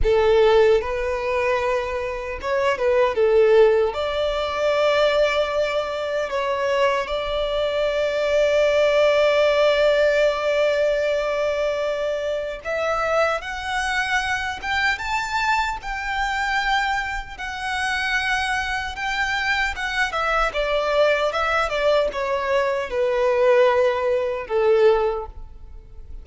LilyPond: \new Staff \with { instrumentName = "violin" } { \time 4/4 \tempo 4 = 76 a'4 b'2 cis''8 b'8 | a'4 d''2. | cis''4 d''2.~ | d''1 |
e''4 fis''4. g''8 a''4 | g''2 fis''2 | g''4 fis''8 e''8 d''4 e''8 d''8 | cis''4 b'2 a'4 | }